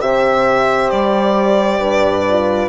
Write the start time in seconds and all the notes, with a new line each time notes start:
0.00 C3 G4 C5 E5
0.90 G3 D5
1.80 G2 B4
2.29 F4